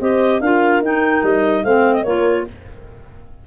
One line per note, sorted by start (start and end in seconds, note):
0.00 0.40 C4
0.00 0.42 G4
0.00 0.41 C5
0.00 0.41 D#5
0.40 0.81 D4
0.40 0.83 F4
0.40 1.64 A#4
0.40 0.82 F5
0.81 1.22 D#4
0.81 1.65 D#4
0.81 1.23 G5
1.23 1.64 G3
1.23 1.64 D#5
1.64 2.05 A3
1.64 2.06 C4
1.64 2.03 C5
1.64 1.93 F5
1.93 2.03 D#5
2.03 2.46 A#3
2.03 2.47 F4
2.03 2.44 A#4
2.03 2.44 C#5